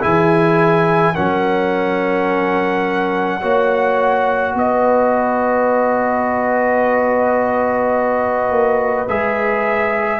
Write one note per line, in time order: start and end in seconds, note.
0.00 1.17 E3
0.00 1.14 E4
0.00 1.13 G#4
0.00 1.15 G#5
1.14 3.42 F#3
1.14 3.41 C#4
1.14 3.40 A#4
1.14 4.54 F#5
3.40 4.54 A#3
3.40 9.07 F#4
3.40 4.54 C#5
4.54 8.50 B3
4.54 10.20 B4
4.54 9.08 D#5
8.50 9.06 A#3
9.08 10.20 G#3
9.08 10.20 G#4
9.08 10.20 E5